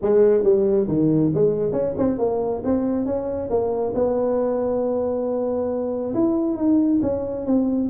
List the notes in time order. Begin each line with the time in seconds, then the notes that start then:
0.02 G#3
0.43 G3
0.88 D#3
1.34 G#3
1.72 C#4
1.97 C4
2.18 A#3
2.64 C4
3.05 C#4
3.49 A#3
3.94 B3
6.13 E4
6.56 D#4
7.02 C#4
7.46 C4